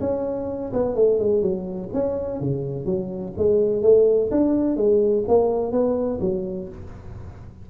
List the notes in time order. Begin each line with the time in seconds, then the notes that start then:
0.00 C#4
0.73 B3
0.95 A3
1.19 G#3
1.42 F#3
1.93 C#4
2.40 C#3
2.85 F#3
3.37 G#3
3.82 A3
4.31 D4
4.76 G#3
5.27 A#3
5.71 B3
6.20 F#3